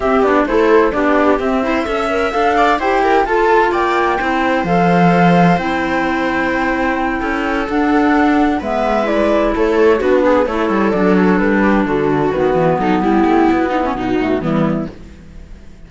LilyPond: <<
  \new Staff \with { instrumentName = "flute" } { \time 4/4 \tempo 4 = 129 e''8 d''8 c''4 d''4 e''4~ | e''4 f''4 g''4 a''4 | g''2 f''2 | g''1~ |
g''8 fis''2 e''4 d''8~ | d''8 cis''4 b'4 cis''4 d''8 | cis''8 b'4 a'4 b'4 a'8 | g'4 fis'8 e'8 fis'4 e'4 | }
  \new Staff \with { instrumentName = "viola" } { \time 4/4 g'4 a'4 g'4. c''8 | e''4. d''8 c''8 ais'8 a'4 | d''4 c''2.~ | c''2.~ c''8 a'8~ |
a'2~ a'8 b'4.~ | b'8 a'4 fis'8 gis'8 a'4.~ | a'4 g'8 fis'2 dis'8 | e'4. dis'16 cis'16 dis'4 b4 | }
  \new Staff \with { instrumentName = "clarinet" } { \time 4/4 c'8 d'8 e'4 d'4 c'8 e'8 | a'8 ais'8 a'4 g'4 f'4~ | f'4 e'4 a'2 | e'1~ |
e'8 d'2 b4 e'8~ | e'4. d'4 e'4 d'8~ | d'2~ d'8 b4.~ | b2~ b8 a8 g4 | }
  \new Staff \with { instrumentName = "cello" } { \time 4/4 c'8 b8 a4 b4 c'4 | cis'4 d'4 e'4 f'4 | ais4 c'4 f2 | c'2.~ c'8 cis'8~ |
cis'8 d'2 gis4.~ | gis8 a4 b4 a8 g8 fis8~ | fis8 g4 d4 dis8 e8 fis8 | g8 a8 b4 b,4 e4 | }
>>